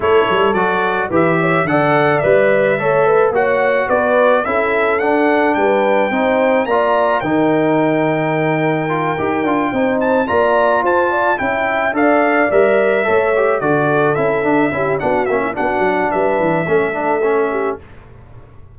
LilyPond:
<<
  \new Staff \with { instrumentName = "trumpet" } { \time 4/4 \tempo 4 = 108 cis''4 d''4 e''4 fis''4 | e''2 fis''4 d''4 | e''4 fis''4 g''2 | ais''4 g''2.~ |
g''2 a''8 ais''4 a''8~ | a''8 g''4 f''4 e''4.~ | e''8 d''4 e''4. fis''8 e''8 | fis''4 e''2. | }
  \new Staff \with { instrumentName = "horn" } { \time 4/4 a'2 b'8 cis''8 d''4~ | d''4 cis''8 b'8 cis''4 b'4 | a'2 b'4 c''4 | d''4 ais'2.~ |
ais'4. c''4 d''4 c''8 | d''8 e''4 d''2 cis''8~ | cis''8 a'2 g'8 fis'8. e'16 | fis'4 b'4 a'4. g'8 | }
  \new Staff \with { instrumentName = "trombone" } { \time 4/4 e'4 fis'4 g'4 a'4 | b'4 a'4 fis'2 | e'4 d'2 dis'4 | f'4 dis'2. |
f'8 g'8 f'8 dis'4 f'4.~ | f'8 e'4 a'4 ais'4 a'8 | g'8 fis'4 e'8 d'8 e'8 d'8 cis'8 | d'2 cis'8 d'8 cis'4 | }
  \new Staff \with { instrumentName = "tuba" } { \time 4/4 a8 g8 fis4 e4 d4 | g4 a4 ais4 b4 | cis'4 d'4 g4 c'4 | ais4 dis2.~ |
dis8 dis'8 d'8 c'4 ais4 f'8~ | f'8 cis'4 d'4 g4 a8~ | a8 d4 cis'8 d'8 cis'8 b8 ais8 | b8 fis8 g8 e8 a2 | }
>>